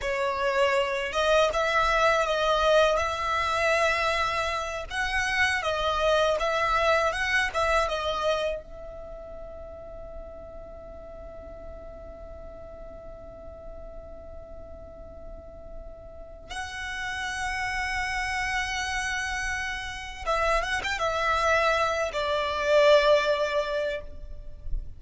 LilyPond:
\new Staff \with { instrumentName = "violin" } { \time 4/4 \tempo 4 = 80 cis''4. dis''8 e''4 dis''4 | e''2~ e''8 fis''4 dis''8~ | dis''8 e''4 fis''8 e''8 dis''4 e''8~ | e''1~ |
e''1~ | e''2 fis''2~ | fis''2. e''8 fis''16 g''16 | e''4. d''2~ d''8 | }